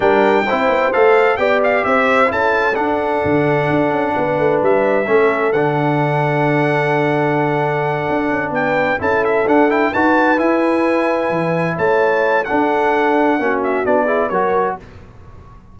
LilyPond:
<<
  \new Staff \with { instrumentName = "trumpet" } { \time 4/4 \tempo 4 = 130 g''2 f''4 g''8 f''8 | e''4 a''4 fis''2~ | fis''2 e''2 | fis''1~ |
fis''2~ fis''8 g''4 a''8 | e''8 fis''8 g''8 a''4 gis''4.~ | gis''4. a''4. fis''4~ | fis''4. e''8 d''4 cis''4 | }
  \new Staff \with { instrumentName = "horn" } { \time 4/4 ais'4 c''2 d''4 | c''4 a'2.~ | a'4 b'2 a'4~ | a'1~ |
a'2~ a'8 b'4 a'8~ | a'4. b'2~ b'8~ | b'4. cis''4. a'4~ | a'4 fis'4. gis'8 ais'4 | }
  \new Staff \with { instrumentName = "trombone" } { \time 4/4 d'4 e'4 a'4 g'4~ | g'4 e'4 d'2~ | d'2. cis'4 | d'1~ |
d'2.~ d'8 e'8~ | e'8 d'8 e'8 fis'4 e'4.~ | e'2. d'4~ | d'4 cis'4 d'8 e'8 fis'4 | }
  \new Staff \with { instrumentName = "tuba" } { \time 4/4 g4 c'8 b8 a4 b4 | c'4 cis'4 d'4 d4 | d'8 cis'8 b8 a8 g4 a4 | d1~ |
d4. d'8 cis'8 b4 cis'8~ | cis'8 d'4 dis'4 e'4.~ | e'8 e4 a4. d'4~ | d'4 ais4 b4 fis4 | }
>>